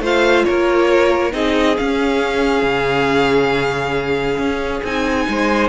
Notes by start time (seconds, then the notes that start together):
0.00 A3 F4 C5 F5
0.44 A#3 A#4 C#5
1.32 C4 D#4 G#4 D#5
1.77 C#4 F5
2.62 C#3
4.37 C#4
4.83 C4 D#4 G#5
5.28 G#3 C5